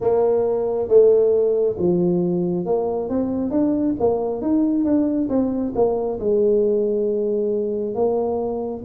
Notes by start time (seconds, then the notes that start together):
0.00 A#3
0.88 A3
1.78 F3
2.65 A#3
3.09 C4
3.51 D4
3.99 A#3
4.41 D#4
4.84 D4
5.29 C4
5.75 A#3
6.19 G#3
7.95 A#3